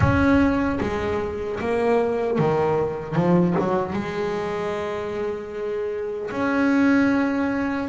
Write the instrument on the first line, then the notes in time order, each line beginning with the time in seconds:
double bass
0.00 C#4
0.80 G#3
1.60 A#3
2.38 D#3
3.15 F3
3.59 F#3
3.93 G#3
6.31 C#4